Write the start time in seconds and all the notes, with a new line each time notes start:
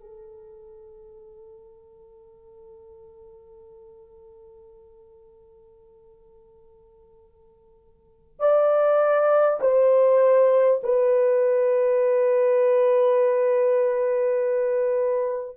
0.00 A4
8.40 D5
9.61 C5
10.83 B4